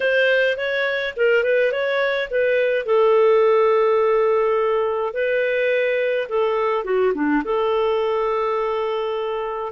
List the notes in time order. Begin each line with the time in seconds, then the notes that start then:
0.00 C5
0.57 C#5
1.16 A#4
1.43 B4
1.71 C#5
2.30 B4
2.85 A4
5.13 B4
6.28 A4
6.84 F#4
7.14 D4
7.44 A4